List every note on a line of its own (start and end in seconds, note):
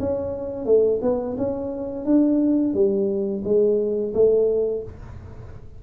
0.00 0.66 C#4
0.66 1.00 A3
1.02 1.36 B3
1.38 2.05 C#4
2.05 2.74 D4
2.74 3.43 G3
3.44 4.13 G#3
4.14 4.83 A3